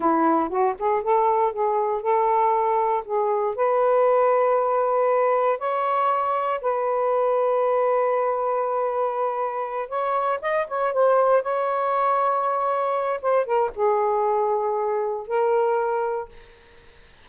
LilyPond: \new Staff \with { instrumentName = "saxophone" } { \time 4/4 \tempo 4 = 118 e'4 fis'8 gis'8 a'4 gis'4 | a'2 gis'4 b'4~ | b'2. cis''4~ | cis''4 b'2.~ |
b'2.~ b'8 cis''8~ | cis''8 dis''8 cis''8 c''4 cis''4.~ | cis''2 c''8 ais'8 gis'4~ | gis'2 ais'2 | }